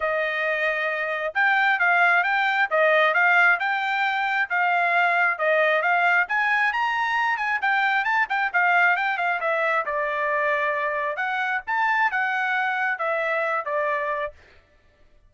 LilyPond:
\new Staff \with { instrumentName = "trumpet" } { \time 4/4 \tempo 4 = 134 dis''2. g''4 | f''4 g''4 dis''4 f''4 | g''2 f''2 | dis''4 f''4 gis''4 ais''4~ |
ais''8 gis''8 g''4 a''8 g''8 f''4 | g''8 f''8 e''4 d''2~ | d''4 fis''4 a''4 fis''4~ | fis''4 e''4. d''4. | }